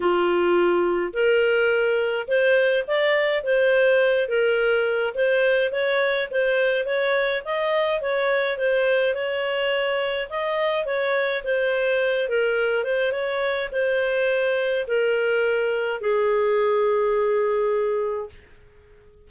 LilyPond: \new Staff \with { instrumentName = "clarinet" } { \time 4/4 \tempo 4 = 105 f'2 ais'2 | c''4 d''4 c''4. ais'8~ | ais'4 c''4 cis''4 c''4 | cis''4 dis''4 cis''4 c''4 |
cis''2 dis''4 cis''4 | c''4. ais'4 c''8 cis''4 | c''2 ais'2 | gis'1 | }